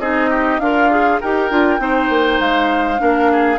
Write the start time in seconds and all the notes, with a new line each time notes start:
0.00 C4 D#4 G#4 D#5
0.30 G4
0.59 D4 F4 A#4 F5
0.91 G#4
1.21 D#4 G4 A#4 G5
1.51 D4 F4
1.79 C4 D#4 C5
2.10 A#3
2.40 G#3 F5
2.98 A#3 D4 A#4
3.32 G#4